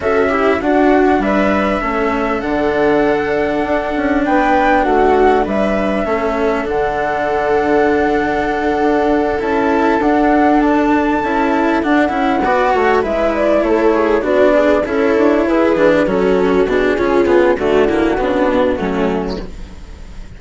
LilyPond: <<
  \new Staff \with { instrumentName = "flute" } { \time 4/4 \tempo 4 = 99 e''4 fis''4 e''2 | fis''2. g''4 | fis''4 e''2 fis''4~ | fis''2.~ fis''8 a''8~ |
a''8 fis''4 a''2 fis''8~ | fis''4. e''8 d''8 cis''4 d''8~ | d''8 cis''4 b'4 a'4 gis'8~ | gis'4 fis'2. | }
  \new Staff \with { instrumentName = "viola" } { \time 4/4 a'8 g'8 fis'4 b'4 a'4~ | a'2. b'4 | fis'4 b'4 a'2~ | a'1~ |
a'1~ | a'8 d''8 cis''8 b'4 a'8 gis'8 fis'8 | gis'8 a'4 gis'4 fis'4. | f'4 fis'8 e'8 d'4 cis'4 | }
  \new Staff \with { instrumentName = "cello" } { \time 4/4 fis'8 e'8 d'2 cis'4 | d'1~ | d'2 cis'4 d'4~ | d'2.~ d'8 e'8~ |
e'8 d'2 e'4 d'8 | e'8 fis'4 e'2 d'8~ | d'8 e'4. d'8 cis'4 d'8 | cis'8 b8 a8 ais8 b4 a4 | }
  \new Staff \with { instrumentName = "bassoon" } { \time 4/4 cis'4 d'4 g4 a4 | d2 d'8 cis'8 b4 | a4 g4 a4 d4~ | d2~ d8 d'4 cis'8~ |
cis'8 d'2 cis'4 d'8 | cis'8 b8 a8 gis4 a4 b8~ | b8 cis'8 d'8 e'8 e8 fis4 b,8 | cis4 d4 cis8 b,8 fis4 | }
>>